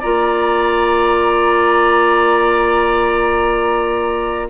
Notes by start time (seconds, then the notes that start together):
0.00 A#3 F4 D5 A#5